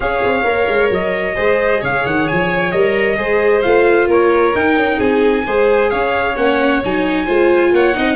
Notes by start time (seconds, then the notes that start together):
0.00 C#4 G#4 C#5 F5
0.23 C4
0.43 A#3 A#4
0.68 G#3
0.90 F#3 D#5
1.34 G#3 G#4 C5
1.80 C#3 C#5 F5
2.05 D#3 F#5
2.27 F3 G#5
2.71 G3 A#4 D#5
3.17 G#3 G#4 C5
3.62 A3 F4 F5
4.07 A#3 A#4 C#5
4.54 D#4 G5
4.76 C#4
4.97 C4 G#4 G#5
5.46 G#3 G#4 C5
5.90 C#4 C#5 F5
6.36 A#3 C#4 F#5
6.84 F#3 D#4 G#5
7.25 G#3 F4 C5
7.72 A#3 C#5 F#5
7.94 C4 D#4 D#5